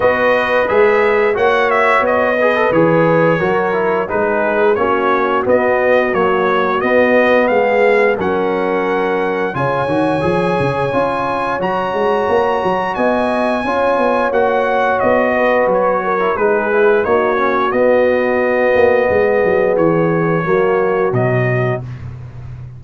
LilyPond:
<<
  \new Staff \with { instrumentName = "trumpet" } { \time 4/4 \tempo 4 = 88 dis''4 e''4 fis''8 e''8 dis''4 | cis''2 b'4 cis''4 | dis''4 cis''4 dis''4 f''4 | fis''2 gis''2~ |
gis''4 ais''2 gis''4~ | gis''4 fis''4 dis''4 cis''4 | b'4 cis''4 dis''2~ | dis''4 cis''2 dis''4 | }
  \new Staff \with { instrumentName = "horn" } { \time 4/4 b'2 cis''4. b'8~ | b'4 ais'4 gis'4 fis'4~ | fis'2. gis'4 | ais'2 cis''2~ |
cis''2. dis''4 | cis''2~ cis''8 b'4 ais'8 | gis'4 fis'2. | gis'2 fis'2 | }
  \new Staff \with { instrumentName = "trombone" } { \time 4/4 fis'4 gis'4 fis'4. gis'16 a'16 | gis'4 fis'8 e'8 dis'4 cis'4 | b4 fis4 b2 | cis'2 f'8 fis'8 gis'4 |
f'4 fis'2. | f'4 fis'2~ fis'8. e'16 | dis'8 e'8 dis'8 cis'8 b2~ | b2 ais4 fis4 | }
  \new Staff \with { instrumentName = "tuba" } { \time 4/4 b4 gis4 ais4 b4 | e4 fis4 gis4 ais4 | b4 ais4 b4 gis4 | fis2 cis8 dis8 f8 cis8 |
cis'4 fis8 gis8 ais8 fis8 b4 | cis'8 b8 ais4 b4 fis4 | gis4 ais4 b4. ais8 | gis8 fis8 e4 fis4 b,4 | }
>>